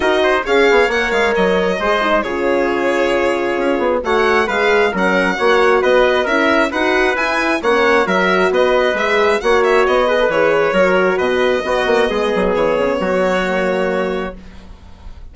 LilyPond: <<
  \new Staff \with { instrumentName = "violin" } { \time 4/4 \tempo 4 = 134 dis''4 f''4 fis''8 f''8 dis''4~ | dis''4 cis''2.~ | cis''4 fis''4 f''4 fis''4~ | fis''4 dis''4 e''4 fis''4 |
gis''4 fis''4 e''4 dis''4 | e''4 fis''8 e''8 dis''4 cis''4~ | cis''4 dis''2. | cis''1 | }
  \new Staff \with { instrumentName = "trumpet" } { \time 4/4 ais'8 c''8 cis''2. | c''4 gis'2.~ | gis'4 cis''4 b'4 ais'4 | cis''4 b'4 ais'4 b'4~ |
b'4 cis''4 ais'4 b'4~ | b'4 cis''4. b'4. | ais'4 b'4 fis'4 gis'4~ | gis'4 fis'2. | }
  \new Staff \with { instrumentName = "horn" } { \time 4/4 fis'4 gis'4 ais'2 | gis'8 dis'8 f'2.~ | f'4 fis'4 gis'4 cis'4 | fis'2 e'4 fis'4 |
e'4 cis'4 fis'2 | gis'4 fis'4. gis'16 a'16 gis'4 | fis'2 b2~ | b2 ais2 | }
  \new Staff \with { instrumentName = "bassoon" } { \time 4/4 dis'4 cis'8 b8 ais8 gis8 fis4 | gis4 cis2. | cis'8 b8 a4 gis4 fis4 | ais4 b4 cis'4 dis'4 |
e'4 ais4 fis4 b4 | gis4 ais4 b4 e4 | fis4 b,4 b8 ais8 gis8 fis8 | e8 cis8 fis2. | }
>>